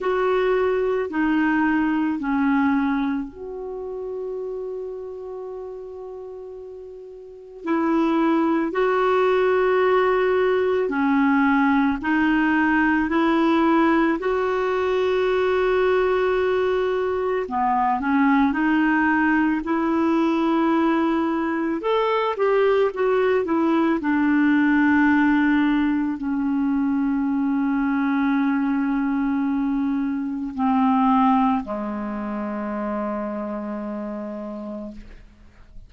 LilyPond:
\new Staff \with { instrumentName = "clarinet" } { \time 4/4 \tempo 4 = 55 fis'4 dis'4 cis'4 fis'4~ | fis'2. e'4 | fis'2 cis'4 dis'4 | e'4 fis'2. |
b8 cis'8 dis'4 e'2 | a'8 g'8 fis'8 e'8 d'2 | cis'1 | c'4 gis2. | }